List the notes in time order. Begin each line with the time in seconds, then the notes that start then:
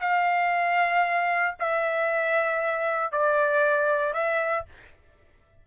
0.00 F5
1.59 E5
3.11 D5
4.13 E5